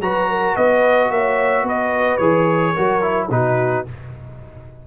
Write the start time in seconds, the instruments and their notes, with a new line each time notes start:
0.00 tuba F#3, trombone F#4, horn B4, trumpet A#5
0.29 horn A#4
0.55 tuba B3, horn B4, trumpet D#5
1.11 tuba A#3, horn C#5, trumpet E5
1.63 tuba B3, horn B4, trumpet D#5
2.17 tuba E3, trombone G#4, trumpet C#5
2.73 tuba F#3, trombone F#4, horn A#4
3.02 trombone E4
3.30 tuba B2, trombone D#4, horn F#4, trumpet B4